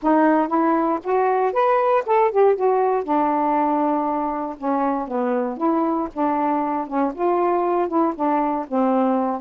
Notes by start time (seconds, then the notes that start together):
0.02 D#4
0.48 E4
1.03 F#4
1.52 B4
2.06 A4
2.31 G4
2.55 F#4
3.03 D4
4.57 C#4
5.07 B3
5.57 E4
6.13 D4
6.87 C#4
7.14 F4
7.88 E4
8.15 D4
8.68 C4